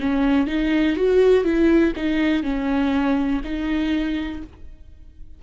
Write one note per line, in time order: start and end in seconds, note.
0.00 0.47 C#4
0.47 0.96 D#4
0.96 1.44 F#4
1.44 1.93 E4
1.96 2.43 D#4
2.43 3.41 C#4
3.44 4.43 D#4